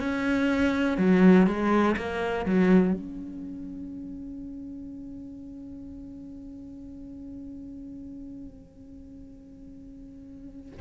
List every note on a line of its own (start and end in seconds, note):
0.00 0.98 C#4
0.98 1.47 F#3
1.47 1.96 G#3
1.97 2.46 A#3
2.46 2.94 F#3
2.94 10.81 C#4